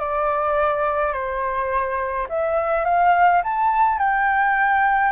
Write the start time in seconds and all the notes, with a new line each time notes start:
0.00 D5
1.13 C5
2.29 E5
2.85 F5
3.44 A5
3.99 G5